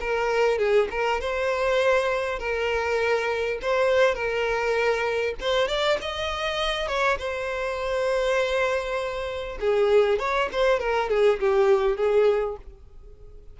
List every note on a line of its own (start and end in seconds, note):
0.00 0.58 A#4
0.58 0.88 G#4
0.91 1.20 A#4
1.20 2.39 C5
2.39 3.59 A#4
3.61 4.15 C5
4.15 5.35 A#4
5.41 5.68 C5
5.68 5.98 D5
6.01 6.88 D#5
6.88 7.18 C#5
7.18 9.58 C5
9.60 10.19 G#4
10.19 10.49 C#5
10.52 10.79 C5
10.79 11.09 A#4
11.09 11.39 G#4
11.39 11.96 G4
11.96 12.56 G#4